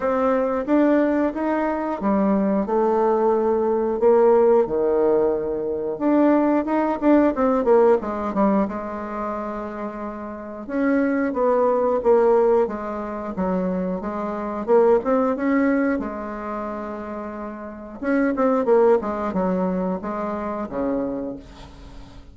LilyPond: \new Staff \with { instrumentName = "bassoon" } { \time 4/4 \tempo 4 = 90 c'4 d'4 dis'4 g4 | a2 ais4 dis4~ | dis4 d'4 dis'8 d'8 c'8 ais8 | gis8 g8 gis2. |
cis'4 b4 ais4 gis4 | fis4 gis4 ais8 c'8 cis'4 | gis2. cis'8 c'8 | ais8 gis8 fis4 gis4 cis4 | }